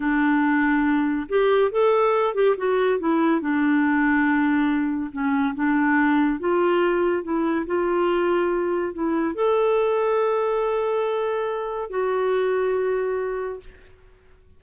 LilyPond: \new Staff \with { instrumentName = "clarinet" } { \time 4/4 \tempo 4 = 141 d'2. g'4 | a'4. g'8 fis'4 e'4 | d'1 | cis'4 d'2 f'4~ |
f'4 e'4 f'2~ | f'4 e'4 a'2~ | a'1 | fis'1 | }